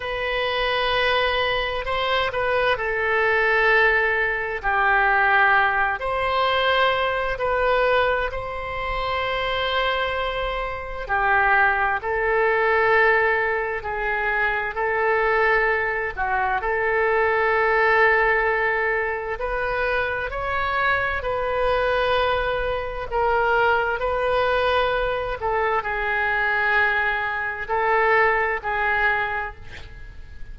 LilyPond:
\new Staff \with { instrumentName = "oboe" } { \time 4/4 \tempo 4 = 65 b'2 c''8 b'8 a'4~ | a'4 g'4. c''4. | b'4 c''2. | g'4 a'2 gis'4 |
a'4. fis'8 a'2~ | a'4 b'4 cis''4 b'4~ | b'4 ais'4 b'4. a'8 | gis'2 a'4 gis'4 | }